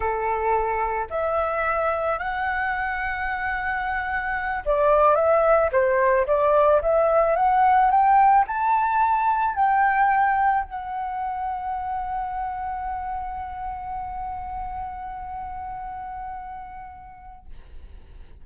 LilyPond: \new Staff \with { instrumentName = "flute" } { \time 4/4 \tempo 4 = 110 a'2 e''2 | fis''1~ | fis''8 d''4 e''4 c''4 d''8~ | d''8 e''4 fis''4 g''4 a''8~ |
a''4. g''2 fis''8~ | fis''1~ | fis''1~ | fis''1 | }